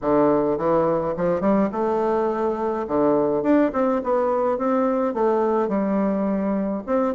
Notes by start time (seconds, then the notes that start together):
0.01 D3
0.57 E3
1.16 F3
1.40 G3
1.72 A3
2.87 D3
3.42 D4
3.72 C4
4.03 B3
4.58 C4
5.14 A3
5.68 G3
6.86 C4